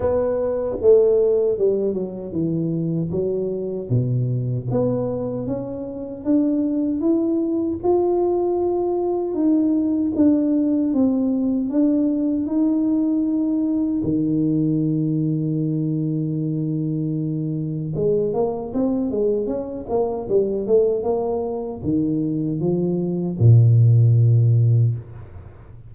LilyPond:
\new Staff \with { instrumentName = "tuba" } { \time 4/4 \tempo 4 = 77 b4 a4 g8 fis8 e4 | fis4 b,4 b4 cis'4 | d'4 e'4 f'2 | dis'4 d'4 c'4 d'4 |
dis'2 dis2~ | dis2. gis8 ais8 | c'8 gis8 cis'8 ais8 g8 a8 ais4 | dis4 f4 ais,2 | }